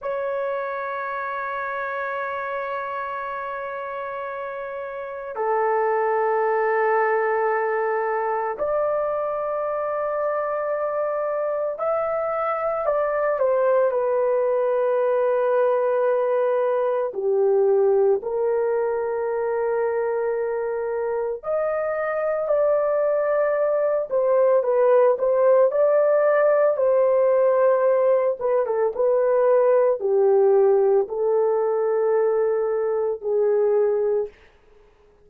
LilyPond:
\new Staff \with { instrumentName = "horn" } { \time 4/4 \tempo 4 = 56 cis''1~ | cis''4 a'2. | d''2. e''4 | d''8 c''8 b'2. |
g'4 ais'2. | dis''4 d''4. c''8 b'8 c''8 | d''4 c''4. b'16 a'16 b'4 | g'4 a'2 gis'4 | }